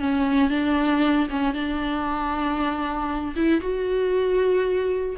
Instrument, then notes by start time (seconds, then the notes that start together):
viola
0.00 C#4
0.50 D4
1.30 C#4
1.54 D4
3.36 E4
3.61 F#4